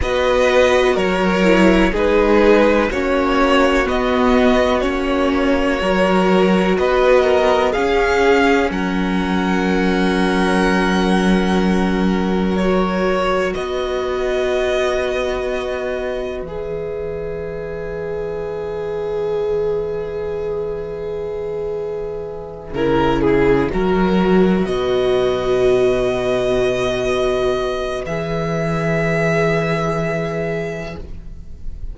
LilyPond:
<<
  \new Staff \with { instrumentName = "violin" } { \time 4/4 \tempo 4 = 62 dis''4 cis''4 b'4 cis''4 | dis''4 cis''2 dis''4 | f''4 fis''2.~ | fis''4 cis''4 dis''2~ |
dis''4 e''2.~ | e''1~ | e''4. dis''2~ dis''8~ | dis''4 e''2. | }
  \new Staff \with { instrumentName = "violin" } { \time 4/4 b'4 ais'4 gis'4 fis'4~ | fis'2 ais'4 b'8 ais'8 | gis'4 ais'2.~ | ais'2 b'2~ |
b'1~ | b'2.~ b'8 ais'8 | gis'8 ais'4 b'2~ b'8~ | b'1 | }
  \new Staff \with { instrumentName = "viola" } { \time 4/4 fis'4. e'8 dis'4 cis'4 | b4 cis'4 fis'2 | cis'1~ | cis'4 fis'2.~ |
fis'4 gis'2.~ | gis'2.~ gis'8 e'8~ | e'8 fis'2.~ fis'8~ | fis'4 gis'2. | }
  \new Staff \with { instrumentName = "cello" } { \time 4/4 b4 fis4 gis4 ais4 | b4 ais4 fis4 b4 | cis'4 fis2.~ | fis2 b2~ |
b4 e2.~ | e2.~ e8 cis8~ | cis8 fis4 b,2~ b,8~ | b,4 e2. | }
>>